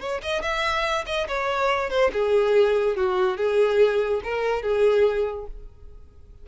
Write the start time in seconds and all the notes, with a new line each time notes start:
0.00 C#5
0.22 D#5
0.42 E5
1.06 D#5
1.28 C#5
1.90 C5
2.12 G#4
2.96 F#4
3.37 G#4
4.23 A#4
4.62 G#4